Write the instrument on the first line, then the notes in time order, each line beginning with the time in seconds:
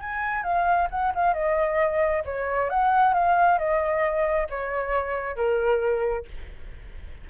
flute
0.00 G#5
0.43 F5
0.91 F#5
1.15 F5
1.34 D#5
2.25 C#5
2.69 F#5
3.13 F5
3.58 D#5
4.49 C#5
5.36 A#4